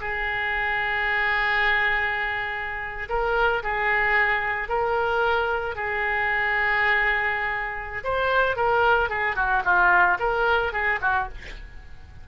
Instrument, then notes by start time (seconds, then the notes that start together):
oboe
0.00 G#4
3.09 A#4
3.63 G#4
4.68 A#4
5.75 G#4
8.03 C5
8.56 A#4
9.09 G#4
9.36 F#4
9.64 F4
10.19 A#4
10.72 G#4
11.01 F#4